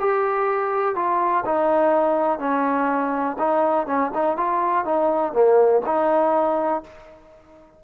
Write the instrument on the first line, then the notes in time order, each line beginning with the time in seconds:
trombone
0.00 G4
0.96 F4
1.45 D#4
2.39 C#4
3.39 D#4
3.86 C#4
4.14 D#4
4.37 F4
4.85 D#4
5.33 A#3
5.86 D#4